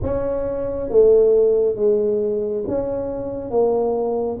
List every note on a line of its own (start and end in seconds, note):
0.02 0.89 C#4
0.89 1.75 A3
1.75 2.64 G#3
2.67 3.50 C#4
3.50 4.38 A#3